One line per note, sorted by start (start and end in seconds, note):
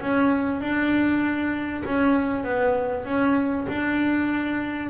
0.00 0.60 C#4
0.60 1.83 D4
1.85 2.44 C#4
2.44 3.05 B3
3.05 3.66 C#4
3.68 4.90 D4